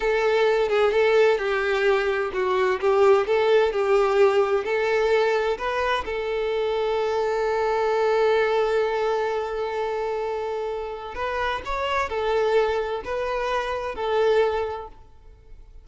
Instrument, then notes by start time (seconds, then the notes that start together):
violin
0.00 A4
0.68 G#4
0.92 A4
1.38 G4
2.33 F#4
2.80 G4
3.26 A4
3.72 G4
4.64 A4
5.58 B4
6.05 A4
11.15 B4
11.65 C#5
12.09 A4
13.04 B4
13.95 A4